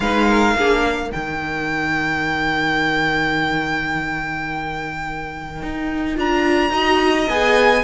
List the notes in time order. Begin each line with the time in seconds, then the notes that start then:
0.00 G#3 D#4 B4 F5
0.28 A#4
0.55 A#3 D4 G#4
0.83 A#4
1.10 D#3 D#4 G5
5.62 D#4
6.14 D4 F4 A#5
6.70 D#4 F#4 D#5
7.29 B3 G#4 G#5